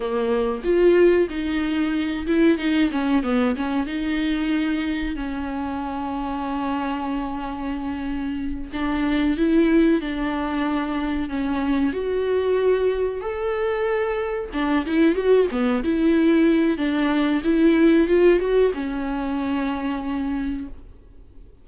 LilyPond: \new Staff \with { instrumentName = "viola" } { \time 4/4 \tempo 4 = 93 ais4 f'4 dis'4. e'8 | dis'8 cis'8 b8 cis'8 dis'2 | cis'1~ | cis'4. d'4 e'4 d'8~ |
d'4. cis'4 fis'4.~ | fis'8 a'2 d'8 e'8 fis'8 | b8 e'4. d'4 e'4 | f'8 fis'8 cis'2. | }